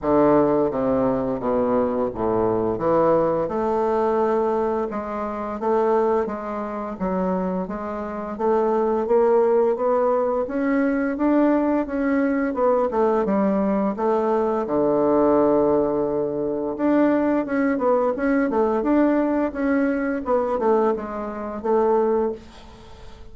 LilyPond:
\new Staff \with { instrumentName = "bassoon" } { \time 4/4 \tempo 4 = 86 d4 c4 b,4 a,4 | e4 a2 gis4 | a4 gis4 fis4 gis4 | a4 ais4 b4 cis'4 |
d'4 cis'4 b8 a8 g4 | a4 d2. | d'4 cis'8 b8 cis'8 a8 d'4 | cis'4 b8 a8 gis4 a4 | }